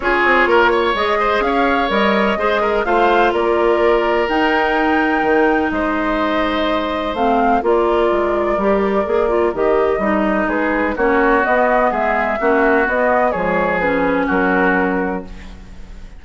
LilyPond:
<<
  \new Staff \with { instrumentName = "flute" } { \time 4/4 \tempo 4 = 126 cis''2 dis''4 f''4 | dis''2 f''4 d''4~ | d''4 g''2. | dis''2. f''4 |
d''1 | dis''2 b'4 cis''4 | dis''4 e''2 dis''4 | cis''4 b'4 ais'2 | }
  \new Staff \with { instrumentName = "oboe" } { \time 4/4 gis'4 ais'8 cis''4 c''8 cis''4~ | cis''4 c''8 ais'8 c''4 ais'4~ | ais'1 | c''1 |
ais'1~ | ais'2 gis'4 fis'4~ | fis'4 gis'4 fis'2 | gis'2 fis'2 | }
  \new Staff \with { instrumentName = "clarinet" } { \time 4/4 f'2 gis'2 | ais'4 gis'4 f'2~ | f'4 dis'2.~ | dis'2. c'4 |
f'2 g'4 gis'8 f'8 | g'4 dis'2 cis'4 | b2 cis'4 b4 | gis4 cis'2. | }
  \new Staff \with { instrumentName = "bassoon" } { \time 4/4 cis'8 c'8 ais4 gis4 cis'4 | g4 gis4 a4 ais4~ | ais4 dis'2 dis4 | gis2. a4 |
ais4 gis4 g4 ais4 | dis4 g4 gis4 ais4 | b4 gis4 ais4 b4 | f2 fis2 | }
>>